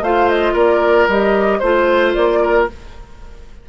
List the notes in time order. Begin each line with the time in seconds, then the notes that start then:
0.00 A3 F4 C5 F5
0.29 D#5
0.53 A#3 A#4 D5
1.07 G3 G4 D#5
1.59 A3 F4 C5
2.13 A#3 D5
2.42 A#4